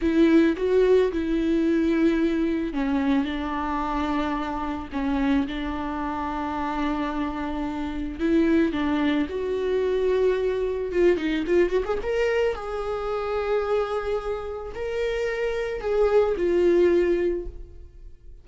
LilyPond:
\new Staff \with { instrumentName = "viola" } { \time 4/4 \tempo 4 = 110 e'4 fis'4 e'2~ | e'4 cis'4 d'2~ | d'4 cis'4 d'2~ | d'2. e'4 |
d'4 fis'2. | f'8 dis'8 f'8 fis'16 gis'16 ais'4 gis'4~ | gis'2. ais'4~ | ais'4 gis'4 f'2 | }